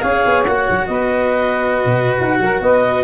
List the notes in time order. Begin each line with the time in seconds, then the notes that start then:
0.00 C#4 G#4 C#5 F5
0.25 B3
0.44 A#3 F#4 F#5
0.70 F#3
0.87 B3 B4 D#5
1.85 B2
2.20 D#4 F#5
2.38 F#3 A#4
2.61 B3 B4 D#5